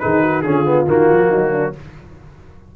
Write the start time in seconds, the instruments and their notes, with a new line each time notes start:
0.00 tuba D#3, trombone D#4, horn G#4, trumpet B4
0.23 horn F#4
0.42 tuba D3, trombone C#4, horn F4, trumpet G#4
0.65 trombone B3
0.87 tuba D#3, trombone A#3, trumpet F#4
1.10 tuba F3
1.29 tuba F#3, horn D#4
1.52 horn D4